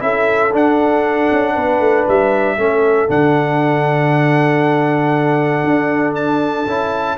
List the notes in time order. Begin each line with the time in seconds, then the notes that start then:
0.00 C#4 E4 A4 E5
0.53 D4 F#5
1.32 C#4
1.54 B3 B4
1.80 A3
2.09 G3 E5
2.57 A3 C#4 A4
3.09 D3 D4 F#5
5.64 D4
6.16 A5
6.67 C#4 E4